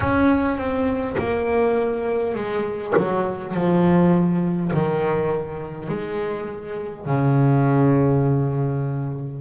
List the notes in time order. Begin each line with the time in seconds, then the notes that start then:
0.00 C#4
0.57 C4
1.18 A#3
2.35 G#3
2.97 F#3
3.53 F3
4.73 D#3
5.88 G#3
7.05 C#3